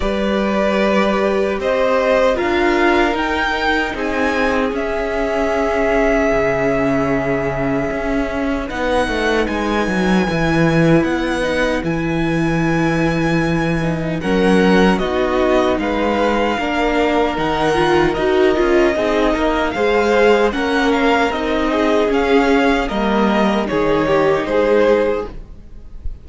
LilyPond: <<
  \new Staff \with { instrumentName = "violin" } { \time 4/4 \tempo 4 = 76 d''2 dis''4 f''4 | g''4 gis''4 e''2~ | e''2. fis''4 | gis''2 fis''4 gis''4~ |
gis''2 fis''4 dis''4 | f''2 fis''4 dis''4~ | dis''4 f''4 fis''8 f''8 dis''4 | f''4 dis''4 cis''4 c''4 | }
  \new Staff \with { instrumentName = "violin" } { \time 4/4 b'2 c''4 ais'4~ | ais'4 gis'2.~ | gis'2. b'4~ | b'1~ |
b'2 ais'4 fis'4 | b'4 ais'2. | gis'8 ais'8 c''4 ais'4. gis'8~ | gis'4 ais'4 gis'8 g'8 gis'4 | }
  \new Staff \with { instrumentName = "viola" } { \time 4/4 g'2. f'4 | dis'2 cis'2~ | cis'2. dis'4~ | dis'4 e'4. dis'8 e'4~ |
e'4. dis'8 cis'4 dis'4~ | dis'4 d'4 dis'8 f'8 fis'8 f'8 | dis'4 gis'4 cis'4 dis'4 | cis'4 ais4 dis'2 | }
  \new Staff \with { instrumentName = "cello" } { \time 4/4 g2 c'4 d'4 | dis'4 c'4 cis'2 | cis2 cis'4 b8 a8 | gis8 fis8 e4 b4 e4~ |
e2 fis4 b4 | gis4 ais4 dis4 dis'8 cis'8 | c'8 ais8 gis4 ais4 c'4 | cis'4 g4 dis4 gis4 | }
>>